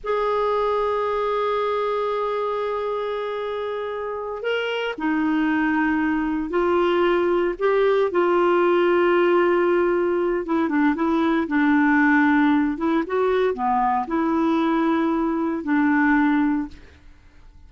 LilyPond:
\new Staff \with { instrumentName = "clarinet" } { \time 4/4 \tempo 4 = 115 gis'1~ | gis'1~ | gis'8 ais'4 dis'2~ dis'8~ | dis'8 f'2 g'4 f'8~ |
f'1 | e'8 d'8 e'4 d'2~ | d'8 e'8 fis'4 b4 e'4~ | e'2 d'2 | }